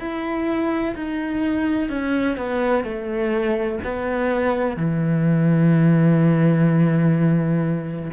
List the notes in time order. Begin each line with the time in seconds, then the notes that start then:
0.00 E4
0.96 D#4
1.90 C#4
2.37 B3
2.84 A3
3.84 B3
4.77 E3